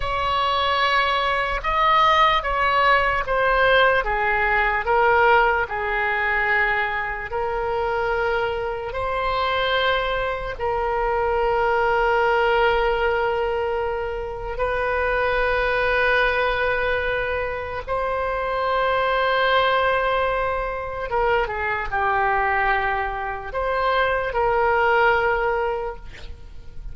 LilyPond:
\new Staff \with { instrumentName = "oboe" } { \time 4/4 \tempo 4 = 74 cis''2 dis''4 cis''4 | c''4 gis'4 ais'4 gis'4~ | gis'4 ais'2 c''4~ | c''4 ais'2.~ |
ais'2 b'2~ | b'2 c''2~ | c''2 ais'8 gis'8 g'4~ | g'4 c''4 ais'2 | }